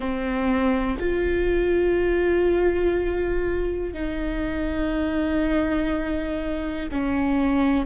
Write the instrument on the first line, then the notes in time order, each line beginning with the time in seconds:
viola
0.00 C4
0.99 F4
3.93 D#4
6.91 C#4